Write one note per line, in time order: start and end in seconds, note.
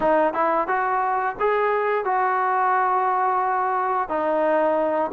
0.00 0.33 D#4
0.33 0.67 E4
0.67 1.35 F#4
1.39 2.05 G#4
2.05 4.08 F#4
4.08 5.11 D#4